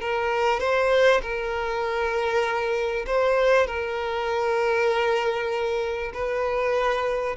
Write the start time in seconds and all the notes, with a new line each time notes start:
0.00 A#4
0.60 C5
1.21 A#4
3.06 C5
3.67 A#4
6.13 B4